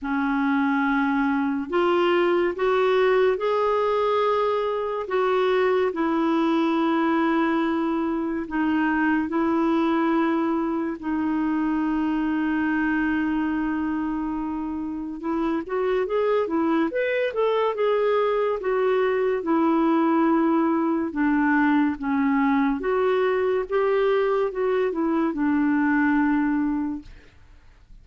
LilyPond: \new Staff \with { instrumentName = "clarinet" } { \time 4/4 \tempo 4 = 71 cis'2 f'4 fis'4 | gis'2 fis'4 e'4~ | e'2 dis'4 e'4~ | e'4 dis'2.~ |
dis'2 e'8 fis'8 gis'8 e'8 | b'8 a'8 gis'4 fis'4 e'4~ | e'4 d'4 cis'4 fis'4 | g'4 fis'8 e'8 d'2 | }